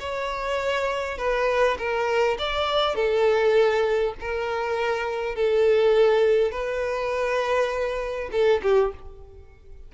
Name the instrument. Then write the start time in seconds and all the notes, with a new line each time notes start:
violin
0.00 C#5
1.18 B4
1.78 A#4
2.39 D5
2.95 A4
4.20 A#4
5.36 A4
6.52 B4
8.32 A4
8.63 G4